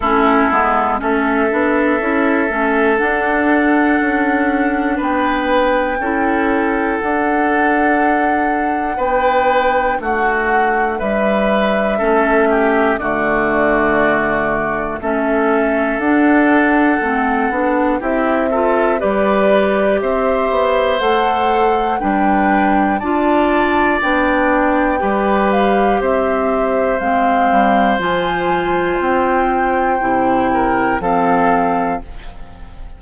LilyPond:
<<
  \new Staff \with { instrumentName = "flute" } { \time 4/4 \tempo 4 = 60 a'4 e''2 fis''4~ | fis''4 g''2 fis''4~ | fis''4 g''4 fis''4 e''4~ | e''4 d''2 e''4 |
fis''2 e''4 d''4 | e''4 fis''4 g''4 a''4 | g''4. f''8 e''4 f''4 | gis''4 g''2 f''4 | }
  \new Staff \with { instrumentName = "oboe" } { \time 4/4 e'4 a'2.~ | a'4 b'4 a'2~ | a'4 b'4 fis'4 b'4 | a'8 g'8 fis'2 a'4~ |
a'2 g'8 a'8 b'4 | c''2 b'4 d''4~ | d''4 b'4 c''2~ | c''2~ c''8 ais'8 a'4 | }
  \new Staff \with { instrumentName = "clarinet" } { \time 4/4 cis'8 b8 cis'8 d'8 e'8 cis'8 d'4~ | d'2 e'4 d'4~ | d'1 | cis'4 a2 cis'4 |
d'4 c'8 d'8 e'8 f'8 g'4~ | g'4 a'4 d'4 f'4 | d'4 g'2 c'4 | f'2 e'4 c'4 | }
  \new Staff \with { instrumentName = "bassoon" } { \time 4/4 a8 gis8 a8 b8 cis'8 a8 d'4 | cis'4 b4 cis'4 d'4~ | d'4 b4 a4 g4 | a4 d2 a4 |
d'4 a8 b8 c'4 g4 | c'8 b8 a4 g4 d'4 | b4 g4 c'4 gis8 g8 | f4 c'4 c4 f4 | }
>>